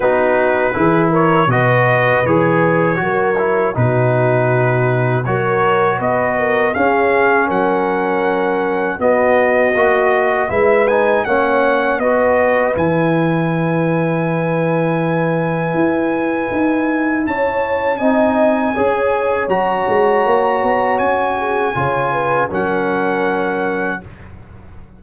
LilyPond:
<<
  \new Staff \with { instrumentName = "trumpet" } { \time 4/4 \tempo 4 = 80 b'4. cis''8 dis''4 cis''4~ | cis''4 b'2 cis''4 | dis''4 f''4 fis''2 | dis''2 e''8 gis''8 fis''4 |
dis''4 gis''2.~ | gis''2. a''4 | gis''2 ais''2 | gis''2 fis''2 | }
  \new Staff \with { instrumentName = "horn" } { \time 4/4 fis'4 gis'8 ais'8 b'2 | ais'4 fis'2 ais'4 | b'8 ais'8 gis'4 ais'2 | fis'2 b'4 cis''4 |
b'1~ | b'2. cis''4 | dis''4 cis''2.~ | cis''8 gis'8 cis''8 b'8 ais'2 | }
  \new Staff \with { instrumentName = "trombone" } { \time 4/4 dis'4 e'4 fis'4 gis'4 | fis'8 e'8 dis'2 fis'4~ | fis'4 cis'2. | b4 fis'4 e'8 dis'8 cis'4 |
fis'4 e'2.~ | e'1 | dis'4 gis'4 fis'2~ | fis'4 f'4 cis'2 | }
  \new Staff \with { instrumentName = "tuba" } { \time 4/4 b4 e4 b,4 e4 | fis4 b,2 fis4 | b4 cis'4 fis2 | b4 ais4 gis4 ais4 |
b4 e2.~ | e4 e'4 dis'4 cis'4 | c'4 cis'4 fis8 gis8 ais8 b8 | cis'4 cis4 fis2 | }
>>